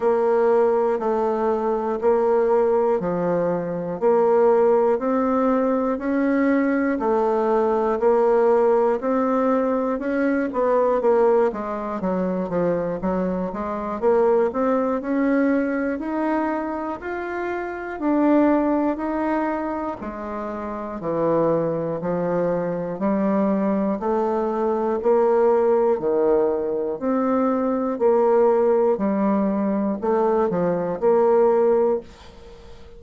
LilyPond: \new Staff \with { instrumentName = "bassoon" } { \time 4/4 \tempo 4 = 60 ais4 a4 ais4 f4 | ais4 c'4 cis'4 a4 | ais4 c'4 cis'8 b8 ais8 gis8 | fis8 f8 fis8 gis8 ais8 c'8 cis'4 |
dis'4 f'4 d'4 dis'4 | gis4 e4 f4 g4 | a4 ais4 dis4 c'4 | ais4 g4 a8 f8 ais4 | }